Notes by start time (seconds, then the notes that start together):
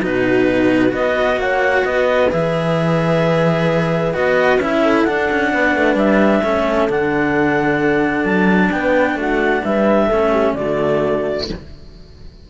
0.00 B2 D#4 F#4 B4
0.89 B3 F#4 B4 D#5
1.36 A#3 C#5 F#5
1.84 B3 B4 D#5
2.30 E3 G#4 E5
4.14 B3 F#4 D#5
4.58 C#4 E4 E5
4.82 A4
5.04 D4 F#5
5.31 C#4
5.53 B3 B4
5.76 A3
5.94 G3 E5
6.43 A3 C#4 A4
6.89 D3 D4 F#5
8.24 F#3 A5
8.71 B3 B4 G5
9.15 A3 F#4 F#5
9.64 G3 B4 E5
10.06 A3 A4
10.13 C#4
10.31 G4
10.53 D3 A3 F#4 D5